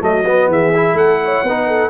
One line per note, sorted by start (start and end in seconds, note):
0.00 0.47 F#3
0.00 0.24 A3
0.00 0.49 F#4
0.00 0.51 D#5
0.25 0.73 B3
0.47 0.93 E3
0.47 0.96 G#4
0.47 0.97 E5
0.74 1.46 E4
0.93 1.41 A3
0.93 1.20 A4
0.93 1.89 F#5
1.24 1.47 C#5
1.43 1.89 B3
1.43 1.89 D#4
1.43 1.67 B4
1.67 1.89 A4